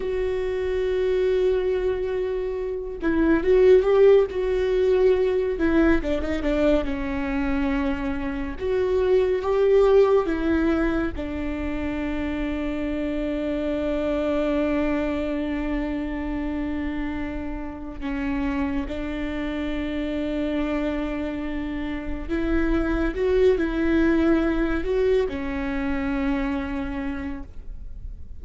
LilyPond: \new Staff \with { instrumentName = "viola" } { \time 4/4 \tempo 4 = 70 fis'2.~ fis'8 e'8 | fis'8 g'8 fis'4. e'8 d'16 dis'16 d'8 | cis'2 fis'4 g'4 | e'4 d'2.~ |
d'1~ | d'4 cis'4 d'2~ | d'2 e'4 fis'8 e'8~ | e'4 fis'8 cis'2~ cis'8 | }